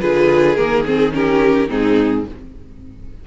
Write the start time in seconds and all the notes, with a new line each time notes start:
0.00 D3 F4 G#4 B4
0.56 D#3 A#3 A#4
0.86 C4 G#4
1.11 C#4 G4 A#4
1.69 G#2 C4 D#4 G#4